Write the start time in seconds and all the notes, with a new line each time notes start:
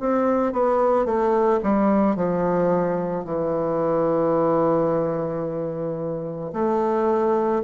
0.00 C4
0.53 B3
1.06 A3
1.63 G3
2.16 F3
3.25 E3
6.54 A3